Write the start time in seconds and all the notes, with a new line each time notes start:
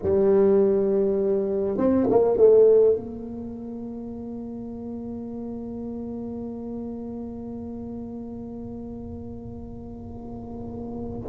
0.02 G3
1.77 C4
2.10 A#3
2.37 A3
2.95 A#3